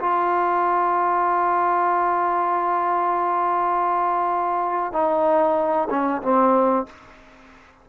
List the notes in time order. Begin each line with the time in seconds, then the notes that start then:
0.00 F4
4.93 D#4
5.90 C#4
6.22 C4